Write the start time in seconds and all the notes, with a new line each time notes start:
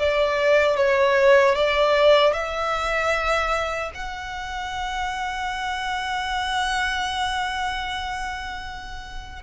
0.00 D5
0.77 C#5
1.56 D5
2.34 E5
3.95 F#5